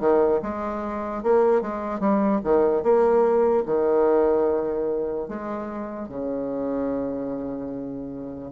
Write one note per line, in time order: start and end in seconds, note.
0.00 0.41 D#3
0.42 1.23 G#3
1.23 1.61 A#3
1.61 2.00 G#3
2.00 2.40 G3
2.44 2.83 D#3
2.83 3.64 A#3
3.66 5.28 D#3
5.28 6.08 G#3
6.08 8.51 C#3